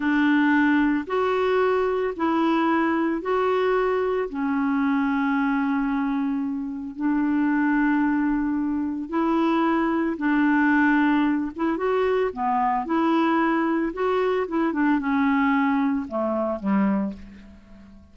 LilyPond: \new Staff \with { instrumentName = "clarinet" } { \time 4/4 \tempo 4 = 112 d'2 fis'2 | e'2 fis'2 | cis'1~ | cis'4 d'2.~ |
d'4 e'2 d'4~ | d'4. e'8 fis'4 b4 | e'2 fis'4 e'8 d'8 | cis'2 a4 g4 | }